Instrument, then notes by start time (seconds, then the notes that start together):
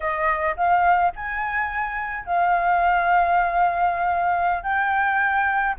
flute
0.00 D#5
0.56 F5
1.15 G#5
2.25 F5
4.63 G5